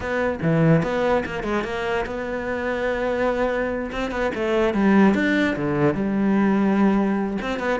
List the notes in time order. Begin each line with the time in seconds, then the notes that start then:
0.00 B3
0.41 E3
0.82 B3
1.25 A#3
1.43 G#3
1.64 A#3
2.05 B3
3.91 C4
4.11 B3
4.34 A3
4.74 G3
5.14 D4
5.56 D3
5.94 G3
7.41 C4
7.59 B3